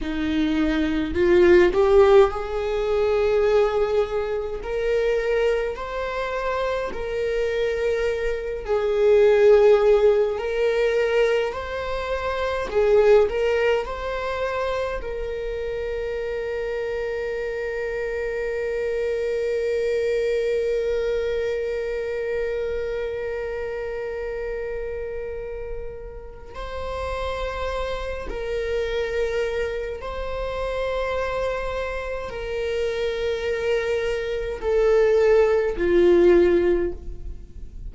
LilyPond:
\new Staff \with { instrumentName = "viola" } { \time 4/4 \tempo 4 = 52 dis'4 f'8 g'8 gis'2 | ais'4 c''4 ais'4. gis'8~ | gis'4 ais'4 c''4 gis'8 ais'8 | c''4 ais'2.~ |
ais'1~ | ais'2. c''4~ | c''8 ais'4. c''2 | ais'2 a'4 f'4 | }